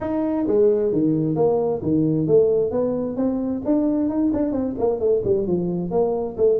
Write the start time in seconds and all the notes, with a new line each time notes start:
0.00 D#4
0.47 G#3
0.92 D#3
1.35 A#3
1.82 D#3
2.27 A3
2.71 B3
3.16 C4
3.65 D4
4.09 D#4
4.33 D4
4.52 C4
4.78 A#3
4.99 A3
5.24 G3
5.47 F3
5.90 A#3
6.37 A3